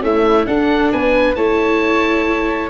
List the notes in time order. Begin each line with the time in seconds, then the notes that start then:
0.00 A3 C#4 E4 E5
0.45 D4 A4 F#5
0.92 B3 B4 G#5
1.34 A3 E4 C#5 A5